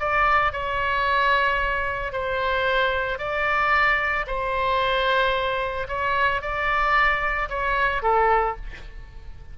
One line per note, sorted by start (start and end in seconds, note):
0.00 0.53 D5
0.53 2.13 C#5
2.13 3.19 C5
3.19 4.26 D5
4.27 5.88 C5
5.89 6.42 C#5
6.42 7.49 D5
7.50 8.03 C#5
8.03 8.57 A4